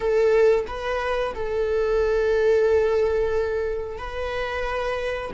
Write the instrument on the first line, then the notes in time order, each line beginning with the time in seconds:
viola
0.00 A4
0.67 B4
1.34 A4
3.98 B4